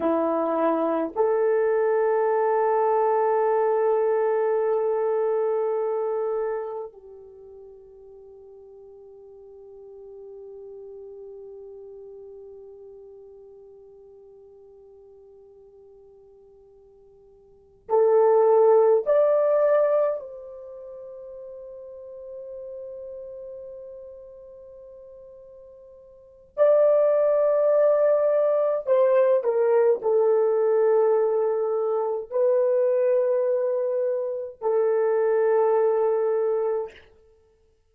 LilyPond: \new Staff \with { instrumentName = "horn" } { \time 4/4 \tempo 4 = 52 e'4 a'2.~ | a'2 g'2~ | g'1~ | g'2.~ g'8 a'8~ |
a'8 d''4 c''2~ c''8~ | c''2. d''4~ | d''4 c''8 ais'8 a'2 | b'2 a'2 | }